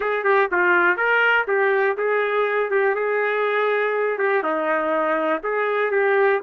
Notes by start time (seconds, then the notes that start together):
0.00 G#4
0.24 G4
0.51 F4
0.96 A#4
1.47 G4
1.97 G#4
2.70 G4
2.95 G#4
4.18 G4
4.43 D#4
5.43 G#4
5.91 G4